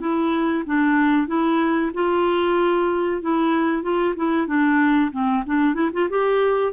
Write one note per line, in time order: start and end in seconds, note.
0.00 0.64 E4
0.66 1.27 D4
1.27 1.91 E4
1.94 3.21 F4
3.22 3.82 E4
3.82 4.14 F4
4.16 4.47 E4
4.47 5.11 D4
5.12 5.44 C4
5.46 5.74 D4
5.74 5.90 E4
5.93 6.09 F4
6.10 6.73 G4